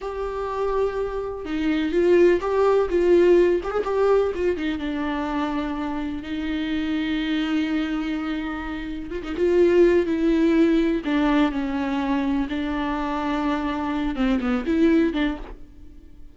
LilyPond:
\new Staff \with { instrumentName = "viola" } { \time 4/4 \tempo 4 = 125 g'2. dis'4 | f'4 g'4 f'4. g'16 gis'16 | g'4 f'8 dis'8 d'2~ | d'4 dis'2.~ |
dis'2. f'16 dis'16 f'8~ | f'4 e'2 d'4 | cis'2 d'2~ | d'4. c'8 b8 e'4 d'8 | }